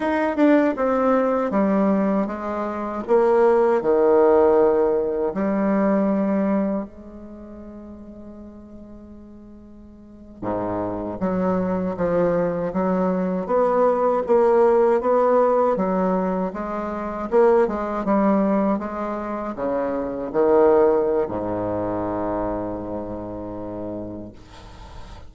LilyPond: \new Staff \with { instrumentName = "bassoon" } { \time 4/4 \tempo 4 = 79 dis'8 d'8 c'4 g4 gis4 | ais4 dis2 g4~ | g4 gis2.~ | gis4.~ gis16 gis,4 fis4 f16~ |
f8. fis4 b4 ais4 b16~ | b8. fis4 gis4 ais8 gis8 g16~ | g8. gis4 cis4 dis4~ dis16 | gis,1 | }